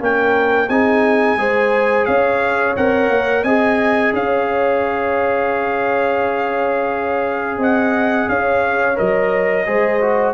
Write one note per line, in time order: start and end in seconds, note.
0.00 0.69 A#3
0.00 0.69 C#4
0.00 0.70 A#4
0.00 0.69 G5
0.69 1.37 C4
0.69 1.38 D#4
0.69 1.39 G#4
0.69 2.05 G#5
1.37 2.06 G#3
1.37 2.76 G#4
1.37 2.07 C5
2.05 2.77 C#4
2.05 3.44 C#5
2.05 2.74 F5
2.76 3.09 C4
2.76 3.45 A#4
2.76 3.44 F#5
3.09 3.43 A#3
3.43 4.12 C4
3.43 8.95 G#4
3.43 4.12 D#5
3.43 4.12 G#5
4.13 7.58 C#4
4.13 7.59 C#5
4.13 7.60 F5
7.58 8.27 C4
7.58 8.28 D#5
7.58 8.29 F#5
8.29 8.98 C#4
8.29 9.67 C#5
8.29 8.98 F5
8.95 9.67 F#3
8.95 9.64 A#4
8.95 10.34 D#5
9.66 10.34 G#3
9.66 10.01 G#4
9.66 10.34 C5
10.01 10.34 F#4